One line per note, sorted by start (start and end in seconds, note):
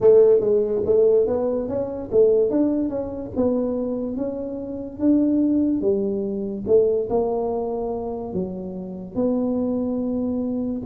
0.00 0.40 A3
0.40 0.82 G#3
0.85 1.27 A3
1.27 1.68 B3
1.68 2.10 C#4
2.11 2.50 A3
2.50 2.89 D4
2.89 3.31 C#4
3.35 4.16 B3
4.16 4.99 C#4
4.99 5.81 D4
5.81 6.64 G3
6.67 7.08 A3
7.09 8.33 A#3
8.33 9.15 F#3
9.15 10.81 B3